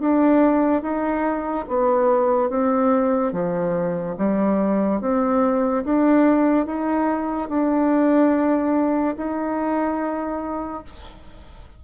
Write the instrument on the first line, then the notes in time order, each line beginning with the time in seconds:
bassoon
0.00 D4
0.82 D#4
1.68 B3
2.50 C4
3.33 F3
4.17 G3
5.00 C4
5.84 D4
6.66 D#4
7.49 D4
9.17 D#4